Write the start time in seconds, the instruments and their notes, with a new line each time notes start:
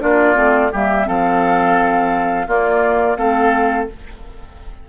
0.00 bassoon A#3, clarinet D4, oboe F4, flute D5
0.35 bassoon A3, clarinet C4
0.72 bassoon G3, clarinet A#3, oboe G4, flute E5
1.06 bassoon F3, clarinet C4, oboe A4, flute F5
2.47 bassoon A#3, clarinet A#3, oboe F4, flute D5
3.16 bassoon A3, clarinet C4, oboe A4, flute F5